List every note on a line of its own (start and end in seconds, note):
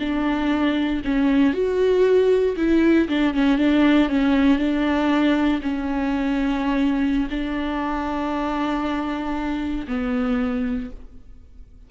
0.00 1.03 D4
1.05 1.54 C#4
1.54 2.56 F#4
2.57 3.08 E4
3.09 3.34 D4
3.34 3.58 C#4
3.58 4.09 D4
4.09 4.59 C#4
4.59 5.61 D4
5.62 7.28 C#4
7.31 9.87 D4
9.88 10.90 B3